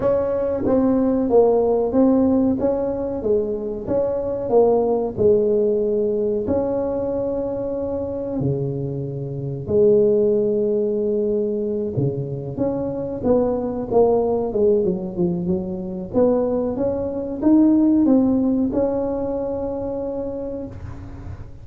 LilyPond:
\new Staff \with { instrumentName = "tuba" } { \time 4/4 \tempo 4 = 93 cis'4 c'4 ais4 c'4 | cis'4 gis4 cis'4 ais4 | gis2 cis'2~ | cis'4 cis2 gis4~ |
gis2~ gis8 cis4 cis'8~ | cis'8 b4 ais4 gis8 fis8 f8 | fis4 b4 cis'4 dis'4 | c'4 cis'2. | }